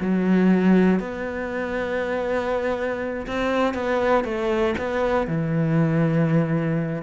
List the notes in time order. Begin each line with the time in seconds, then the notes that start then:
0.00 F#3
0.99 B3
3.26 C4
3.74 B3
4.24 A3
4.77 B3
5.27 E3